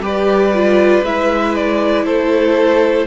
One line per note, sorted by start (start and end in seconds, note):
0.00 1.02 G3
0.00 0.52 G4
0.00 2.05 B4
0.00 1.05 D5
0.54 1.05 F4
1.03 2.05 G#3
1.03 3.07 E4
1.03 1.55 E5
1.55 2.06 D5
2.05 3.07 A3
2.05 3.07 A4
2.05 3.07 C5